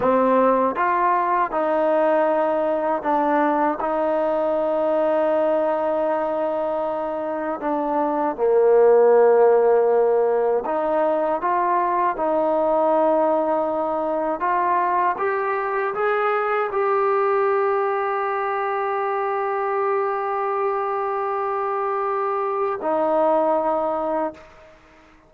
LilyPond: \new Staff \with { instrumentName = "trombone" } { \time 4/4 \tempo 4 = 79 c'4 f'4 dis'2 | d'4 dis'2.~ | dis'2 d'4 ais4~ | ais2 dis'4 f'4 |
dis'2. f'4 | g'4 gis'4 g'2~ | g'1~ | g'2 dis'2 | }